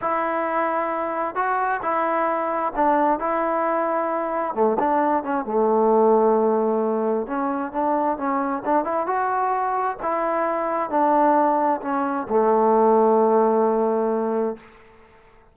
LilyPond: \new Staff \with { instrumentName = "trombone" } { \time 4/4 \tempo 4 = 132 e'2. fis'4 | e'2 d'4 e'4~ | e'2 a8 d'4 cis'8 | a1 |
cis'4 d'4 cis'4 d'8 e'8 | fis'2 e'2 | d'2 cis'4 a4~ | a1 | }